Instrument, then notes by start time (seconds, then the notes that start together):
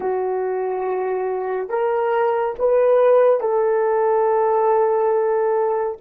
horn
0.00 F#4
1.69 A#4
2.58 B4
3.40 A4